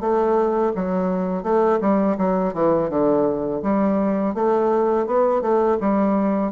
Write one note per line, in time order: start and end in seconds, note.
0.00 0.72 A3
0.75 1.43 F#3
1.43 1.79 A3
1.80 2.17 G3
2.17 2.53 F#3
2.53 2.89 E3
2.89 3.61 D3
3.62 4.34 G3
4.34 5.06 A3
5.06 5.41 B3
5.41 5.77 A3
5.80 6.52 G3